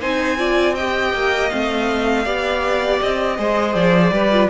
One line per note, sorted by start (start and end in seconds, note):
0.00 1.13 C4
0.00 0.38 D#4
0.00 0.38 C5
0.00 0.75 G#5
0.38 0.76 F4
0.38 0.76 D5
0.75 1.51 G4
0.75 2.25 D#5
0.75 1.50 G5
1.13 1.51 A#3
1.50 2.26 A3
1.50 2.25 C4
1.50 3.00 F5
2.25 3.01 B3
2.25 3.38 G4
2.25 3.37 D5
3.02 3.38 C4
3.02 3.75 D#5
3.38 3.75 G#3
3.38 4.13 G#4
3.38 4.13 C5
3.75 4.11 F3
3.75 4.50 D5
4.11 4.49 G3
4.11 4.32 G4
4.11 4.50 B4
4.32 4.50 F4